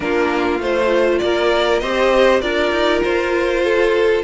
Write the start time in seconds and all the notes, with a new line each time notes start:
0.00 A#3 D4 F4 A#4
0.59 A3 F4 C5
1.18 A#3 A#4 D5
1.79 C4 G4 C5 D#5
2.40 D4 F4 A#4 D5
2.71 D#4
3.03 F4 C5
3.64 A4